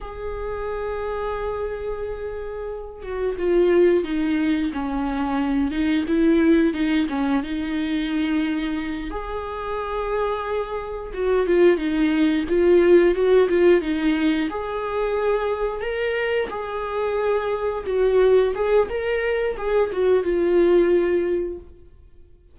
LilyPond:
\new Staff \with { instrumentName = "viola" } { \time 4/4 \tempo 4 = 89 gis'1~ | gis'8 fis'8 f'4 dis'4 cis'4~ | cis'8 dis'8 e'4 dis'8 cis'8 dis'4~ | dis'4. gis'2~ gis'8~ |
gis'8 fis'8 f'8 dis'4 f'4 fis'8 | f'8 dis'4 gis'2 ais'8~ | ais'8 gis'2 fis'4 gis'8 | ais'4 gis'8 fis'8 f'2 | }